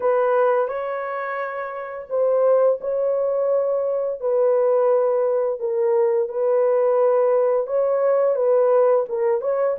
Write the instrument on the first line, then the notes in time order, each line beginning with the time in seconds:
horn
0.00 B4
0.68 C#5
2.09 C5
2.80 C#5
4.20 B4
5.59 A#4
6.28 B4
7.66 C#5
8.35 B4
9.09 A#4
9.41 C#5